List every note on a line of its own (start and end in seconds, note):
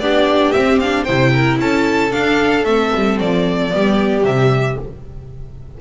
0.00 0.53 B3
0.00 0.55 D4
0.00 1.04 G4
0.00 0.52 D5
0.52 0.81 C4
0.52 1.09 C4
0.52 0.78 E5
0.80 1.07 D4
0.80 1.04 F5
1.04 1.59 C3
1.04 2.11 E4
1.04 1.30 C5
1.04 1.57 G5
1.33 1.60 A#4
1.59 2.12 C#4
1.59 3.74 A4
1.59 2.12 A5
2.11 2.64 D4
2.11 2.65 D4
2.11 2.65 F5
2.65 2.92 A3
2.65 3.71 C4
2.65 3.18 E5
2.95 3.20 G3
3.20 3.73 F3
3.20 4.25 D5
3.71 4.24 G3
3.71 4.24 B3
3.71 4.81 G4
4.24 4.77 C3
4.24 4.78 G3
4.24 4.78 E5